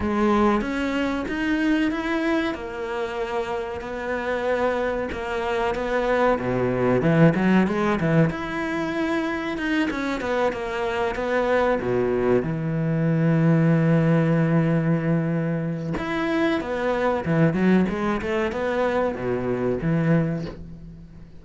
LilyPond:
\new Staff \with { instrumentName = "cello" } { \time 4/4 \tempo 4 = 94 gis4 cis'4 dis'4 e'4 | ais2 b2 | ais4 b4 b,4 e8 fis8 | gis8 e8 e'2 dis'8 cis'8 |
b8 ais4 b4 b,4 e8~ | e1~ | e4 e'4 b4 e8 fis8 | gis8 a8 b4 b,4 e4 | }